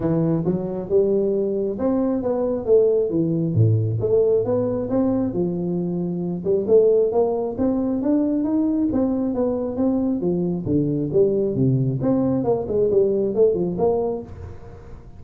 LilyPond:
\new Staff \with { instrumentName = "tuba" } { \time 4/4 \tempo 4 = 135 e4 fis4 g2 | c'4 b4 a4 e4 | a,4 a4 b4 c'4 | f2~ f8 g8 a4 |
ais4 c'4 d'4 dis'4 | c'4 b4 c'4 f4 | d4 g4 c4 c'4 | ais8 gis8 g4 a8 f8 ais4 | }